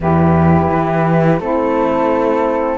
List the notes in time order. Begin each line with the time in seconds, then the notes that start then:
0.00 E2 E4 G4 B4
0.71 E3
1.40 A3 C4 E4 A4